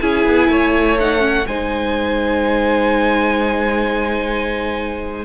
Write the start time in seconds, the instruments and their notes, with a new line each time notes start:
0.00 cello C#4, viola E4, violin G#4 G#5
0.25 cello B3
0.49 cello A3, violin C#5
1.00 viola D#4, violin F#5
1.19 viola C#4
1.47 cello G#3, viola D#4, violin C5 G#5